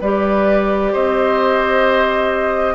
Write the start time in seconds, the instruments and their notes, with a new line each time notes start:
0.00 bassoon G3, clarinet G4, oboe B4, flute D5
0.92 bassoon C4, oboe C5, flute D#5